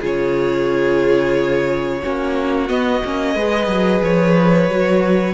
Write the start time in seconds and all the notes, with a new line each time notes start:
0.00 C#3 F4 G#4 C#5
2.02 A#3 C#4 F#4
2.68 B3 D#5
3.05 A#3 C#4
3.35 G#3 G#4 B4
3.67 F#3
4.04 F3 C#5
4.69 F#3 F#4